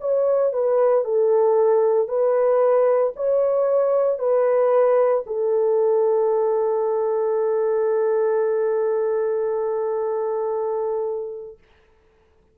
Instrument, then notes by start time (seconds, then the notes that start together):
horn
0.00 C#5
0.53 B4
1.04 A4
2.08 B4
3.16 C#5
4.19 B4
5.26 A4